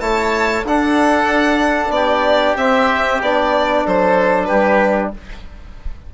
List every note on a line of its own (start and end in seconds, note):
0.00 0.64 A3
0.00 0.64 E4
0.00 0.66 C#5
0.00 0.64 A5
0.64 1.90 D4
0.64 2.58 D4
0.64 1.94 A4
0.64 1.91 F#5
1.90 2.54 B3
1.90 3.85 G4
1.90 2.55 D5
2.57 3.21 C4
2.57 3.22 C4
2.57 3.21 E5
3.22 3.85 B3
3.22 5.14 D4
3.22 3.86 D5
3.85 4.50 F#3
3.85 4.48 A4
3.85 4.45 C5
4.45 5.14 G3
4.45 5.12 G4
4.45 5.09 B4